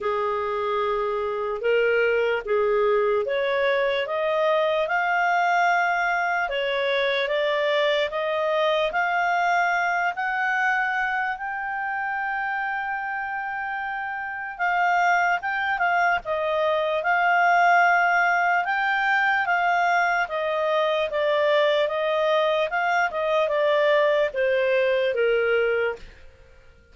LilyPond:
\new Staff \with { instrumentName = "clarinet" } { \time 4/4 \tempo 4 = 74 gis'2 ais'4 gis'4 | cis''4 dis''4 f''2 | cis''4 d''4 dis''4 f''4~ | f''8 fis''4. g''2~ |
g''2 f''4 g''8 f''8 | dis''4 f''2 g''4 | f''4 dis''4 d''4 dis''4 | f''8 dis''8 d''4 c''4 ais'4 | }